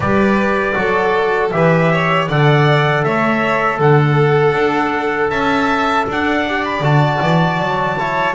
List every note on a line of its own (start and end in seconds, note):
0.00 0.73 G3
0.00 0.74 G4
0.00 0.75 B4
0.00 1.50 D5
0.74 1.51 F#3
0.74 1.50 F#4
0.74 1.54 A4
1.50 2.29 E3
1.50 2.28 G4
1.50 1.92 B4
1.50 2.26 E5
1.92 2.28 C#5
2.28 3.04 D3
2.28 6.46 A4
2.28 3.04 D5
2.28 3.03 F#5
3.03 3.79 A3
3.03 3.79 C#5
3.03 3.79 E5
3.79 4.53 D3
3.79 5.30 A4
3.79 5.30 F#5
4.53 5.29 D4
5.29 6.05 C#4
5.29 6.06 E5
5.29 6.06 A5
6.08 6.80 D4
6.08 7.98 D5
6.08 6.64 F#5
6.46 6.82 G4
6.64 6.83 B5
6.80 7.18 D3
6.80 7.96 F#4
6.80 8.34 A5
7.21 7.59 E3
7.59 8.34 F#3
7.98 8.34 E4
7.98 8.34 C#5